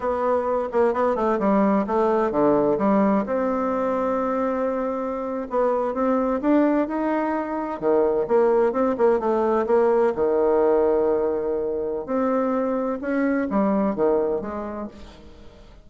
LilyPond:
\new Staff \with { instrumentName = "bassoon" } { \time 4/4 \tempo 4 = 129 b4. ais8 b8 a8 g4 | a4 d4 g4 c'4~ | c'2.~ c'8. b16~ | b8. c'4 d'4 dis'4~ dis'16~ |
dis'8. dis4 ais4 c'8 ais8 a16~ | a8. ais4 dis2~ dis16~ | dis2 c'2 | cis'4 g4 dis4 gis4 | }